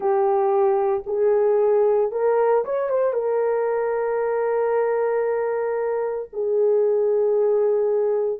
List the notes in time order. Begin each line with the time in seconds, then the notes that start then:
0.00 G4
1.06 G#4
2.11 A#4
2.65 C#5
2.89 C5
3.13 A#4
6.33 G#4